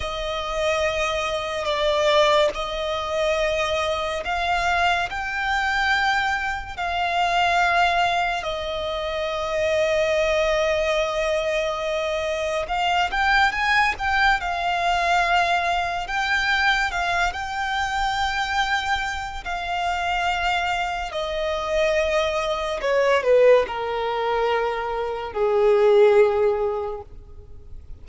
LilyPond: \new Staff \with { instrumentName = "violin" } { \time 4/4 \tempo 4 = 71 dis''2 d''4 dis''4~ | dis''4 f''4 g''2 | f''2 dis''2~ | dis''2. f''8 g''8 |
gis''8 g''8 f''2 g''4 | f''8 g''2~ g''8 f''4~ | f''4 dis''2 cis''8 b'8 | ais'2 gis'2 | }